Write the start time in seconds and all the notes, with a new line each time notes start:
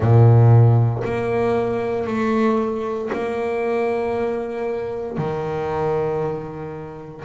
0.00 A#2
1.04 A#3
2.06 A3
3.12 A#3
5.17 D#3